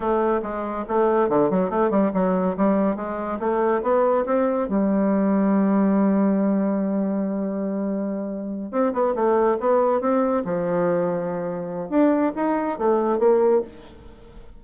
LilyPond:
\new Staff \with { instrumentName = "bassoon" } { \time 4/4 \tempo 4 = 141 a4 gis4 a4 d8 fis8 | a8 g8 fis4 g4 gis4 | a4 b4 c'4 g4~ | g1~ |
g1~ | g8 c'8 b8 a4 b4 c'8~ | c'8 f2.~ f8 | d'4 dis'4 a4 ais4 | }